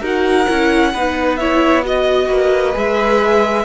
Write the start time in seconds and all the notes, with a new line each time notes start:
0.00 D#4 F#4 A#4 F#5
0.48 C#4 E4
0.93 B3 D#4 B4
1.37 E4 C#5 E5
1.84 F#4 D#5
2.28 A#3 B4
2.73 G#3 G#4 E5